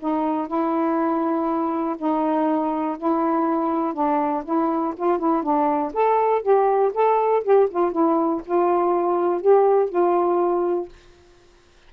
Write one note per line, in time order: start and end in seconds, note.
0.00 0.48 D#4
0.48 1.97 E4
1.98 2.98 D#4
2.98 3.94 E4
3.94 4.44 D4
4.45 4.95 E4
4.97 5.19 F4
5.19 5.43 E4
5.43 5.93 D4
5.94 6.43 A4
6.43 6.92 G4
6.94 7.44 A4
7.44 7.69 G4
7.70 7.92 F4
7.92 8.42 E4
8.46 9.42 F4
9.42 9.90 G4
9.90 10.89 F4